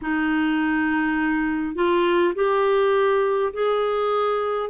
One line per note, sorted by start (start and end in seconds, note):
0.01 1.75 D#4
1.75 2.34 F4
2.35 3.52 G4
3.53 4.70 G#4